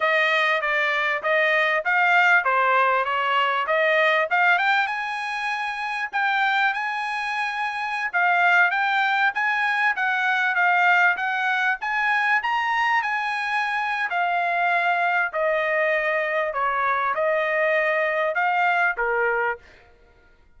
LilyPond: \new Staff \with { instrumentName = "trumpet" } { \time 4/4 \tempo 4 = 98 dis''4 d''4 dis''4 f''4 | c''4 cis''4 dis''4 f''8 g''8 | gis''2 g''4 gis''4~ | gis''4~ gis''16 f''4 g''4 gis''8.~ |
gis''16 fis''4 f''4 fis''4 gis''8.~ | gis''16 ais''4 gis''4.~ gis''16 f''4~ | f''4 dis''2 cis''4 | dis''2 f''4 ais'4 | }